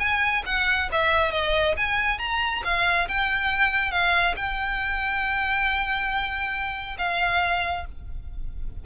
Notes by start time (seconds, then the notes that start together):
0.00 G#5
0.46 F#5
0.92 E5
1.32 D#5
1.77 G#5
2.19 A#5
2.65 F5
3.09 G5
3.92 F5
4.37 G5
6.99 F5